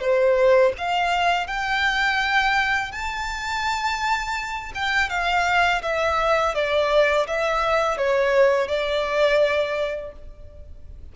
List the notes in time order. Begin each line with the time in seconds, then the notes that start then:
0.00 C5
0.78 F5
1.47 G5
2.91 A5
4.74 G5
5.09 F5
5.82 E5
6.54 D5
7.27 E5
7.97 C#5
8.67 D5